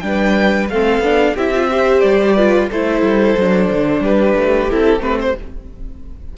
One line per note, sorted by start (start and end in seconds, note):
0.00 0.69 G3
0.00 0.68 D4
0.00 0.71 B4
0.00 0.67 G5
0.69 0.99 A3
0.69 1.03 C4
0.69 1.35 A4
0.69 1.36 F5
0.99 1.32 B3
0.99 1.37 D4
1.35 2.02 C4
1.35 1.54 E4
1.35 1.68 G4
1.35 2.00 E5
1.54 1.70 F4
1.70 2.37 G4
1.70 2.35 C5
2.00 2.69 G3
2.00 2.67 D5
2.35 2.70 F4
2.35 2.68 B4
2.70 3.01 A3
2.70 3.39 E4
2.70 4.02 A4
2.70 4.04 C5
3.01 3.34 G3
3.37 3.70 F#3
3.37 4.70 D4
3.71 4.00 D3
4.00 4.33 G3
4.00 5.36 G4
4.00 4.70 B4
4.36 4.69 A3
4.70 4.99 C4
4.70 5.00 E4
4.70 5.02 A4
4.99 5.33 A3
4.99 5.33 C4
4.99 5.18 B4
5.20 5.37 C5